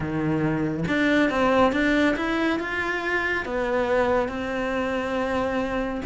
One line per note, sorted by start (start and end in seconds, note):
0.00 0.83 D#3
0.88 1.29 D4
1.29 1.72 C4
1.72 2.15 D4
2.16 2.59 E4
2.59 3.45 F4
3.45 4.28 B3
4.28 6.01 C4